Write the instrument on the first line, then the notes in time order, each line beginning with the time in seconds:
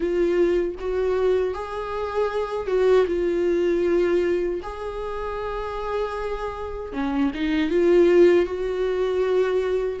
viola
0.00 F4
0.79 F#4
1.53 G#4
2.67 F#4
3.06 F4
4.62 G#4
6.92 C#4
7.34 D#4
7.70 F4
8.45 F#4